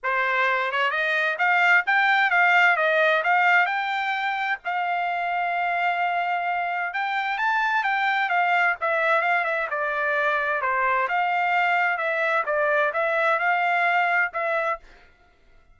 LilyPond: \new Staff \with { instrumentName = "trumpet" } { \time 4/4 \tempo 4 = 130 c''4. cis''8 dis''4 f''4 | g''4 f''4 dis''4 f''4 | g''2 f''2~ | f''2. g''4 |
a''4 g''4 f''4 e''4 | f''8 e''8 d''2 c''4 | f''2 e''4 d''4 | e''4 f''2 e''4 | }